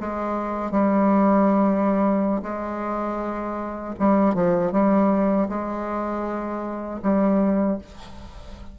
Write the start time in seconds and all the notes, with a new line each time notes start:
0.00 G#3
0.71 G3
2.42 G#3
3.99 G3
4.35 F3
4.72 G3
5.49 G#3
7.02 G3